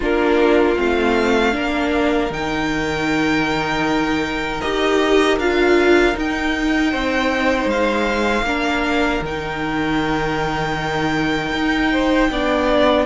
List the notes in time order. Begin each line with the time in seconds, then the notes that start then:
0.00 A#3 D4 F4 A#4
0.76 A3 C4 F5
1.52 A#3 D4 A#4
2.29 D#3 D#4 G5
4.60 D#4 G4 D#5
5.37 D4 F4 F5
6.14 D#4 G5
6.91 C4 C5
7.65 G#3 F5
8.42 A#3 D4 A#4
9.21 D#3 D#4 G5
11.52 D#4
11.92 C5
12.30 B3 D4 D5